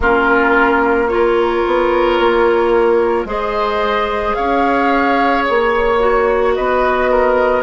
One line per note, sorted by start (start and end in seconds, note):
0.00 1.63 A#3
0.00 1.08 C#4
0.00 1.10 F4
0.00 1.07 A#4
1.07 3.25 F4
1.07 3.27 A#4
1.07 3.26 C#5
1.66 2.19 B3
2.19 3.24 A#3
3.24 4.33 G#3
3.24 5.98 G#4
3.24 4.36 C5
3.24 4.34 D#5
4.34 5.47 C#4
4.34 6.54 C#5
4.34 5.43 F5
5.44 6.57 A#3
5.44 6.53 C#5
5.99 7.62 F#4
6.54 7.62 B3
6.54 7.10 B4
6.54 7.62 D#5
7.11 7.62 A#4